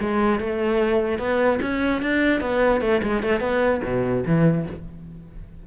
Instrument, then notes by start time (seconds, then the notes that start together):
cello
0.00 G#3
0.40 A3
1.19 B3
1.61 C#4
2.02 D4
2.41 B3
2.81 A3
3.03 G#3
3.23 A3
3.40 B3
3.84 B2
4.26 E3